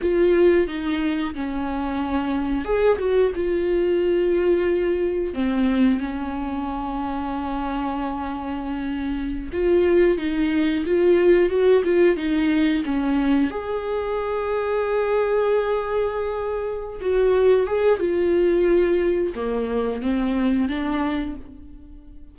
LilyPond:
\new Staff \with { instrumentName = "viola" } { \time 4/4 \tempo 4 = 90 f'4 dis'4 cis'2 | gis'8 fis'8 f'2. | c'4 cis'2.~ | cis'2~ cis'16 f'4 dis'8.~ |
dis'16 f'4 fis'8 f'8 dis'4 cis'8.~ | cis'16 gis'2.~ gis'8.~ | gis'4. fis'4 gis'8 f'4~ | f'4 ais4 c'4 d'4 | }